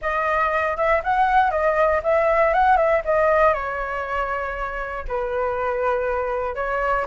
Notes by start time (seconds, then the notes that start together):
0.01 D#5
0.77 E5
1.03 F#5
1.50 D#5
2.03 E5
2.53 F#5
2.77 E5
3.05 D#5
3.53 C#5
5.07 B4
6.55 C#5